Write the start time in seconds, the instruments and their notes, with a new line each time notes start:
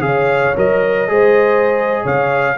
0.00 tuba C#3, trombone G#4, horn C#5, trumpet F5
0.56 tuba F#3, trombone A#4, trumpet D#5
1.07 tuba G#3, trombone G#4, horn C5
2.03 tuba C#3, horn C#5, trumpet F5